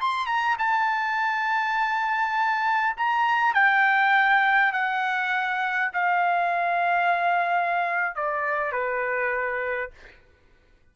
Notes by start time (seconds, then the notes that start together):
0.00 C6
0.26 A#5
0.58 A5
2.96 A#5
3.54 G5
4.72 F#5
5.93 F5
8.15 D5
8.72 B4